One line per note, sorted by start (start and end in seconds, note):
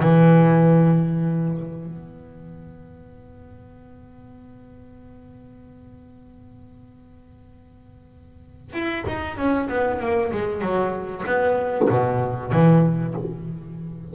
0.00 1.86 E3
1.86 8.73 B3
8.73 9.04 E4
9.07 9.37 D#4
9.37 9.68 C#4
9.68 10.00 B3
10.00 10.31 A#3
10.32 10.61 G#3
10.61 11.24 F#3
11.26 11.88 B3
11.89 12.52 B2
12.52 13.14 E3